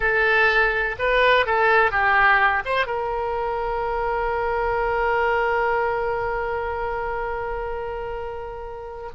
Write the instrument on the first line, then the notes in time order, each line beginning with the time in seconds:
oboe
0.00 A4
0.98 B4
1.45 A4
1.91 G4
2.65 C5
2.86 A#4